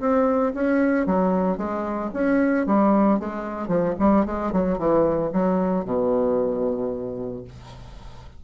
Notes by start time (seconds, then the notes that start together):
0.00 C4
0.54 C#4
1.06 F#3
1.58 G#3
2.14 C#4
2.66 G3
3.19 G#3
3.68 F3
3.99 G3
4.26 G#3
4.52 F#3
4.78 E3
5.33 F#3
5.85 B2